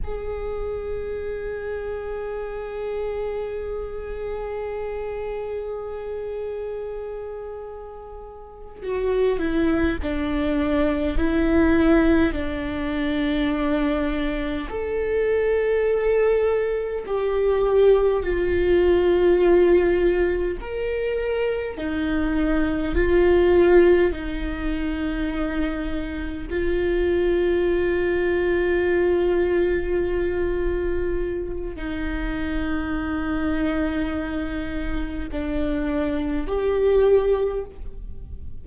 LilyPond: \new Staff \with { instrumentName = "viola" } { \time 4/4 \tempo 4 = 51 gis'1~ | gis'2.~ gis'8 fis'8 | e'8 d'4 e'4 d'4.~ | d'8 a'2 g'4 f'8~ |
f'4. ais'4 dis'4 f'8~ | f'8 dis'2 f'4.~ | f'2. dis'4~ | dis'2 d'4 g'4 | }